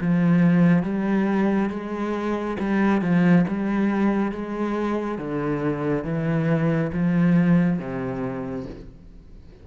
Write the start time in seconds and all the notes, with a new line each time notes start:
0.00 F3
0.83 G3
1.70 G#3
2.59 G3
3.01 F3
3.47 G3
4.31 G#3
5.18 D3
6.04 E3
6.92 F3
7.79 C3